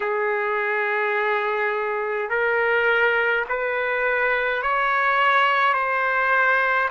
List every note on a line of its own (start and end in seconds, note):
0.00 2.29 G#4
2.29 3.45 A#4
3.48 4.62 B4
4.62 5.73 C#5
5.73 6.89 C5